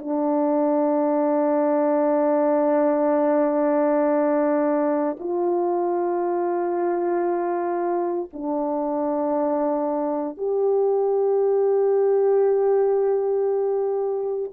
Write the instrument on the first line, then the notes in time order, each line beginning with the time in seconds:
horn
0.00 D4
5.20 F4
8.33 D4
10.38 G4